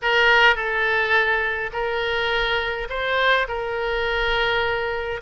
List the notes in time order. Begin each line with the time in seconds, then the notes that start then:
0.02 A#4
0.55 A4
1.72 A#4
2.89 C5
3.48 A#4